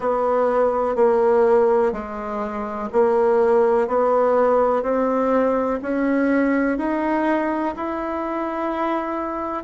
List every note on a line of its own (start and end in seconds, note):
0.00 0.95 B3
0.95 1.92 A#3
1.92 2.89 G#3
2.92 3.87 A#3
3.87 4.82 B3
4.82 5.79 C4
5.82 6.77 C#4
6.77 7.74 D#4
7.76 9.63 E4